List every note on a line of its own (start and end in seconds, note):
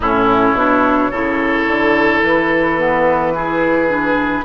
0.00 0.53 A2
0.00 0.56 C#4
0.00 1.10 E4
0.00 2.22 C#5
0.53 1.09 B2
0.53 1.12 D4
1.10 1.66 C#3
1.10 2.78 E4
1.10 3.33 A4
1.67 2.22 D3
2.22 4.44 E3
2.22 4.44 B4
2.78 3.33 B3
3.33 3.88 E4
3.33 4.44 G#4
3.88 4.43 D4